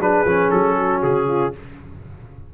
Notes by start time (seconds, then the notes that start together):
0.00 F#3 D4 G#4 B4
0.26 F3 C#4
0.51 F#3 A4
0.78 F#4
1.03 C#3 G#4
1.28 F4